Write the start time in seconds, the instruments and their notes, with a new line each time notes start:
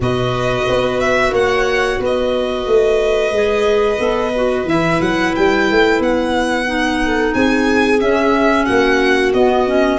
0.00 tuba B2, clarinet F#4, viola B4, violin D#5
0.68 tuba B3
1.00 violin E5
1.31 tuba A#3, viola C#5, violin F#5
1.99 tuba B3, viola B4, violin D#5
2.66 tuba A3
3.31 tuba G#3, clarinet G#4
3.97 tuba B3, clarinet A4
4.35 clarinet F#4
4.64 tuba E3, clarinet E4, violin E5
5.00 tuba F#3, violin F#5
5.35 tuba G3, violin G5
5.71 tuba A3
5.99 tuba B3, violin F#5
6.65 clarinet D#4
7.05 viola A4
7.33 tuba C4, viola G#4, violin G#5
7.99 clarinet C#4, tuba C#4, violin E5
8.65 tuba A#3, viola F#4, violin F#5
9.33 tuba B3, clarinet B3, violin D#5
9.66 clarinet C#4